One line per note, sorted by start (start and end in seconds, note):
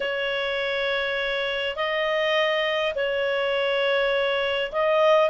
0.00 1.75 C#5
1.75 2.93 D#5
2.95 4.71 C#5
4.72 5.29 D#5